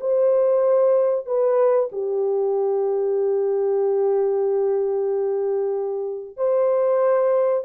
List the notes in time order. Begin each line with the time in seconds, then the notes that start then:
0.00 C5
1.25 B4
1.92 G4
6.37 C5